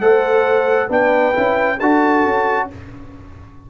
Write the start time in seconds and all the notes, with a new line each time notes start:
0.00 A3 A4 C5 F#5
0.88 B3 D4 B4 G5
1.33 C#4 E4
1.77 D4 F#4 A4 A5
2.25 C#4